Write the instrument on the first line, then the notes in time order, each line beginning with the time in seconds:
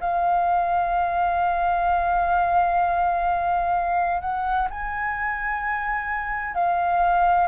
flute
0.00 F5
4.21 F#5
4.70 G#5
6.55 F5